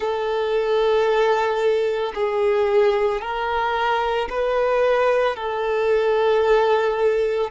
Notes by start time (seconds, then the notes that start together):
0.00 A4
2.14 G#4
3.21 A#4
4.29 B4
5.36 A4